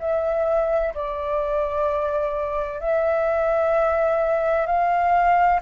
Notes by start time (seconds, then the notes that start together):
0.00 E5
0.95 D5
2.80 E5
4.67 F5